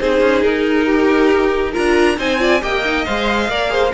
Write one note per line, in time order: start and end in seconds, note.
0.00 0.21 C4
0.00 1.74 D#4
0.00 0.86 G#4
0.00 0.43 C5
0.21 0.43 C#4
0.43 1.74 D#4
0.43 1.74 A#4
0.86 1.72 G4
1.72 2.19 D4
1.72 2.17 F4
1.72 2.16 A#4
1.72 2.18 A#5
2.18 2.62 C4
2.18 2.39 D#4
2.18 2.40 C5
2.18 2.63 G#5
2.39 2.61 F4
2.39 2.62 D5
2.62 3.07 A#3
2.62 2.84 G4
2.62 3.50 D#5
2.62 3.05 G5
2.84 3.06 D#4
3.05 3.49 G#3
3.05 3.50 C5
3.05 3.93 F5
3.49 3.93 A#3
3.49 3.69 A#4
3.49 3.72 D5
3.69 3.91 G#4
3.69 3.94 C5